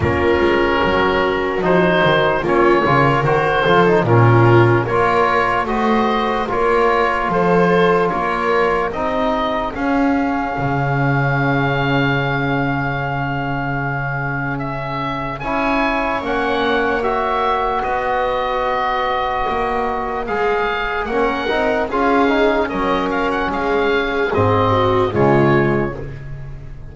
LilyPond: <<
  \new Staff \with { instrumentName = "oboe" } { \time 4/4 \tempo 4 = 74 ais'2 c''4 cis''4 | c''4 ais'4 cis''4 dis''4 | cis''4 c''4 cis''4 dis''4 | f''1~ |
f''2 e''4 gis''4 | fis''4 e''4 dis''2~ | dis''4 f''4 fis''4 f''4 | dis''8 f''16 fis''16 f''4 dis''4 cis''4 | }
  \new Staff \with { instrumentName = "viola" } { \time 4/4 f'4 fis'2 f'8 ais'8~ | ais'8 a'8 f'4 ais'4 c''4 | ais'4 a'4 ais'4 gis'4~ | gis'1~ |
gis'2. cis''4~ | cis''2 b'2~ | b'2 ais'4 gis'4 | ais'4 gis'4. fis'8 f'4 | }
  \new Staff \with { instrumentName = "trombone" } { \time 4/4 cis'2 dis'4 cis'8 f'8 | fis'8 f'16 dis'16 cis'4 f'4 fis'4 | f'2. dis'4 | cis'1~ |
cis'2. e'4 | cis'4 fis'2.~ | fis'4 gis'4 cis'8 dis'8 f'8 dis'8 | cis'2 c'4 gis4 | }
  \new Staff \with { instrumentName = "double bass" } { \time 4/4 ais8 gis8 fis4 f8 dis8 ais8 cis8 | dis8 f8 ais,4 ais4 a4 | ais4 f4 ais4 c'4 | cis'4 cis2.~ |
cis2. cis'4 | ais2 b2 | ais4 gis4 ais8 c'8 cis'4 | fis4 gis4 gis,4 cis4 | }
>>